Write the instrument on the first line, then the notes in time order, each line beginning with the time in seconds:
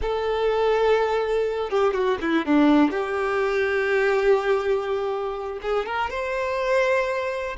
violin
0.01 A4
1.70 G4
1.93 F#4
2.21 E4
2.45 D4
2.90 G4
5.62 G#4
5.86 A#4
6.10 C5